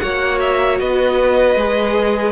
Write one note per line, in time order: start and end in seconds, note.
0.00 0.81 A#3
0.00 1.58 F#4
0.00 0.81 C#5
0.00 0.39 F#5
0.40 0.79 E5
0.80 1.56 B3
0.80 2.32 B4
0.80 2.32 D#5
1.56 2.32 G#3
1.56 2.32 G#4